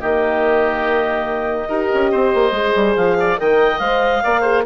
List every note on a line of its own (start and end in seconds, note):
0.00 1.70 D#3
0.00 1.69 A#3
0.00 1.69 G4
0.00 2.96 D#5
1.69 1.91 D#4
1.69 2.54 G4
1.69 2.11 A#4
1.94 2.13 C#4
2.12 2.35 C4
2.12 3.17 C5
2.35 2.52 A#3
2.52 2.73 G#3
2.52 3.38 G#4
2.76 2.97 G3
2.96 3.39 F3
2.96 3.38 F5
3.20 3.40 D5
3.38 3.80 D#3
3.38 3.80 A#4
3.38 4.24 D#5
3.38 3.79 G5
3.79 4.23 G#3
3.79 4.23 C5
3.79 4.64 F5
4.24 4.66 A#3
4.24 4.43 A#4
4.24 4.41 D5
4.41 4.64 G#4
4.41 4.62 C5